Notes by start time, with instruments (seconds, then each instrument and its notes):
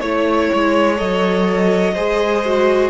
0.00 cello A3, viola E4, violin C#5
0.54 cello G#3
0.97 cello F#3, viola A4, violin D#5
1.94 cello G#3, viola G#4, violin C5
2.46 viola F#4